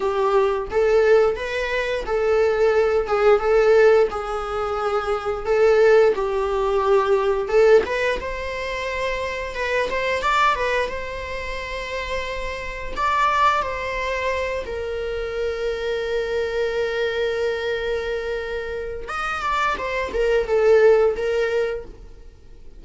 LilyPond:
\new Staff \with { instrumentName = "viola" } { \time 4/4 \tempo 4 = 88 g'4 a'4 b'4 a'4~ | a'8 gis'8 a'4 gis'2 | a'4 g'2 a'8 b'8 | c''2 b'8 c''8 d''8 b'8 |
c''2. d''4 | c''4. ais'2~ ais'8~ | ais'1 | dis''8 d''8 c''8 ais'8 a'4 ais'4 | }